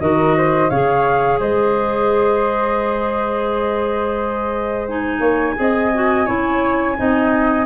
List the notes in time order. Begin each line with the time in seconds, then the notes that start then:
0.00 D#3 F#4 A#4 D#5
0.37 C5
0.69 C#3 G#4 C#5 F5
1.39 G#3 C5 D#5
4.88 D#4 G#5
5.20 A#3 C#5
5.56 C4 G#4 D#5
5.94 F#4
6.26 C#4 E4 C#5
6.96 C4 D#4 D#5